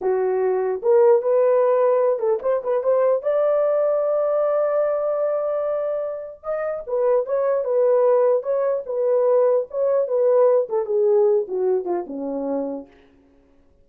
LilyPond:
\new Staff \with { instrumentName = "horn" } { \time 4/4 \tempo 4 = 149 fis'2 ais'4 b'4~ | b'4. a'8 c''8 b'8 c''4 | d''1~ | d''1 |
dis''4 b'4 cis''4 b'4~ | b'4 cis''4 b'2 | cis''4 b'4. a'8 gis'4~ | gis'8 fis'4 f'8 cis'2 | }